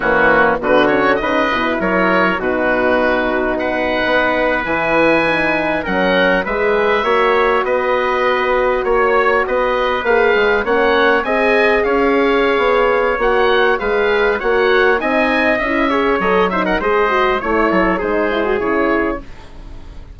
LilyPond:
<<
  \new Staff \with { instrumentName = "oboe" } { \time 4/4 \tempo 4 = 100 fis'4 b'8 cis''8 dis''4 cis''4 | b'2 fis''4.~ fis''16 gis''16~ | gis''4.~ gis''16 fis''4 e''4~ e''16~ | e''8. dis''2 cis''4 dis''16~ |
dis''8. f''4 fis''4 gis''4 f''16~ | f''2 fis''4 f''4 | fis''4 gis''4 e''4 dis''8 e''16 fis''16 | dis''4 cis''4 c''4 cis''4 | }
  \new Staff \with { instrumentName = "trumpet" } { \time 4/4 cis'4 fis'4 b'4 ais'4 | fis'2 b'2~ | b'4.~ b'16 ais'4 b'4 cis''16~ | cis''8. b'2 cis''4 b'16~ |
b'4.~ b'16 cis''4 dis''4 cis''16~ | cis''2. b'4 | cis''4 dis''4. cis''4 c''16 ais'16 | c''4 cis''8 a'8 gis'2 | }
  \new Staff \with { instrumentName = "horn" } { \time 4/4 ais4 b8 cis'8 dis'8 e'4. | dis'2.~ dis'8. e'16~ | e'8. dis'4 cis'4 gis'4 fis'16~ | fis'1~ |
fis'8. gis'4 cis'4 gis'4~ gis'16~ | gis'2 fis'4 gis'4 | fis'4 dis'4 e'8 gis'8 a'8 dis'8 | gis'8 fis'8 e'4 dis'8 e'16 fis'16 e'4 | }
  \new Staff \with { instrumentName = "bassoon" } { \time 4/4 e4 d4 cis8 b,8 fis4 | b,2~ b,8. b4 e16~ | e4.~ e16 fis4 gis4 ais16~ | ais8. b2 ais4 b16~ |
b8. ais8 gis8 ais4 c'4 cis'16~ | cis'4 b4 ais4 gis4 | ais4 c'4 cis'4 fis4 | gis4 a8 fis8 gis4 cis4 | }
>>